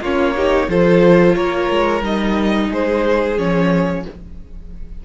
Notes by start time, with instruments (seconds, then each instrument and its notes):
0.00 cello A#3, viola C#4, violin F4 C#5
0.35 viola D#4, violin G4
0.68 cello F3, viola F4, violin A4 C5
1.34 cello A#3, violin A#4 C#5
1.70 cello G#3
2.01 cello G3, viola D#4, violin D#5
2.68 cello G#3, violin G#4 C5
3.37 cello F3, viola C#4, violin C#5